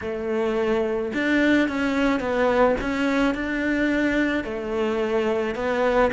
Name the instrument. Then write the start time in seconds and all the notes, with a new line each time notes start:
cello
0.01 A3
1.13 D4
1.68 C#4
2.20 B3
2.80 C#4
3.34 D4
4.44 A3
5.55 B3